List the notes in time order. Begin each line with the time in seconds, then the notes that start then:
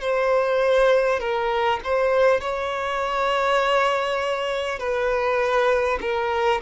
0.00 C5
1.19 A#4
1.83 C5
2.41 C#5
4.79 B4
6.01 A#4